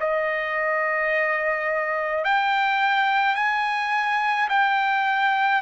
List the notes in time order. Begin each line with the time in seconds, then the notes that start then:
0.00 D#5
2.24 G5
3.36 G#5
4.49 G5